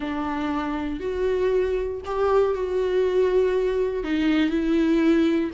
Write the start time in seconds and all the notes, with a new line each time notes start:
0.00 D4
1.00 F#4
2.05 G4
2.54 F#4
4.03 D#4
4.50 E4